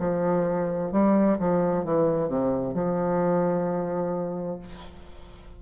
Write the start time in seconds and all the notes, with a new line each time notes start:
0.00 F3
0.92 G3
1.39 F3
1.85 E3
2.29 C3
2.74 F3